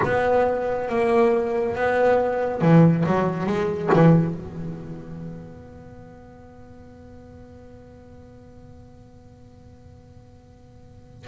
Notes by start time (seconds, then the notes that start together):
0.04 B3
0.89 A#3
1.75 B3
2.61 E3
3.06 F#3
3.46 G#3
3.93 E3
4.34 B3